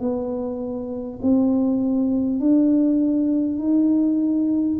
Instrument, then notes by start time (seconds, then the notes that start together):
tuba
0.00 B3
1.22 C4
2.40 D4
3.59 D#4